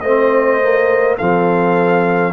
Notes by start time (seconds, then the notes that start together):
0.00 A3 C4 C5 D#5
0.61 A#3
1.17 F3 C4 A4 F5